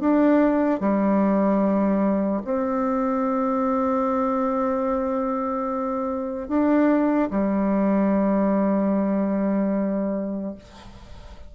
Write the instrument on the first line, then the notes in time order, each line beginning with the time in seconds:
bassoon
0.00 D4
0.80 G3
2.44 C4
6.48 D4
7.30 G3